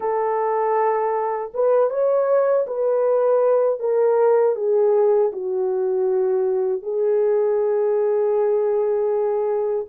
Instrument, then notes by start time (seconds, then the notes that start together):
horn
0.00 A4
1.54 B4
1.90 C#5
2.67 B4
3.79 A#4
4.55 G#4
5.32 F#4
6.82 G#4